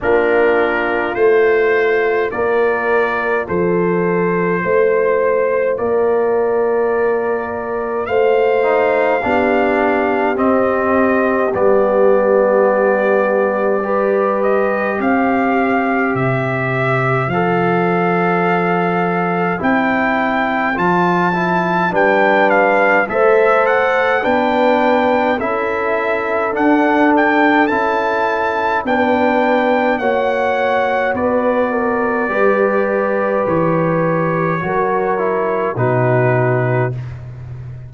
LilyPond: <<
  \new Staff \with { instrumentName = "trumpet" } { \time 4/4 \tempo 4 = 52 ais'4 c''4 d''4 c''4~ | c''4 d''2 f''4~ | f''4 dis''4 d''2~ | d''8 dis''8 f''4 e''4 f''4~ |
f''4 g''4 a''4 g''8 f''8 | e''8 fis''8 g''4 e''4 fis''8 g''8 | a''4 g''4 fis''4 d''4~ | d''4 cis''2 b'4 | }
  \new Staff \with { instrumentName = "horn" } { \time 4/4 f'2 ais'4 a'4 | c''4 ais'2 c''4 | g'1 | b'4 c''2.~ |
c''2. b'4 | c''4 b'4 a'2~ | a'4 b'4 cis''4 b'8 ais'8 | b'2 ais'4 fis'4 | }
  \new Staff \with { instrumentName = "trombone" } { \time 4/4 d'4 f'2.~ | f'2.~ f'8 dis'8 | d'4 c'4 b2 | g'2. a'4~ |
a'4 e'4 f'8 e'8 d'4 | a'4 d'4 e'4 d'4 | e'4 d'4 fis'2 | g'2 fis'8 e'8 dis'4 | }
  \new Staff \with { instrumentName = "tuba" } { \time 4/4 ais4 a4 ais4 f4 | a4 ais2 a4 | b4 c'4 g2~ | g4 c'4 c4 f4~ |
f4 c'4 f4 g4 | a4 b4 cis'4 d'4 | cis'4 b4 ais4 b4 | g4 e4 fis4 b,4 | }
>>